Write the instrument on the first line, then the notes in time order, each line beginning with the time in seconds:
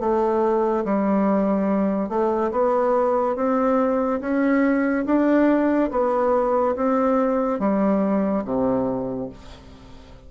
bassoon
0.00 A3
0.85 G3
2.09 A3
2.52 B3
3.36 C4
4.21 C#4
5.06 D4
5.92 B3
6.76 C4
7.59 G3
8.45 C3